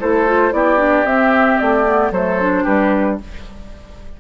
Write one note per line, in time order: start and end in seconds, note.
0.00 0.53 A3
0.00 0.26 E4
0.00 0.53 A4
0.00 0.53 C5
0.26 0.52 F4
0.52 1.05 B3
0.52 0.78 E4
0.52 2.13 G4
0.52 1.06 D5
0.78 1.04 D4
1.05 1.58 C4
1.05 1.86 C4
1.05 1.59 E5
1.59 2.11 A3
1.59 2.12 D5
1.86 2.12 B3
2.11 2.64 F#3
2.11 2.41 A3
2.11 2.64 A4
2.11 2.65 C5
2.41 3.21 D4
2.64 3.20 G3
2.64 3.17 G4
2.64 3.18 B4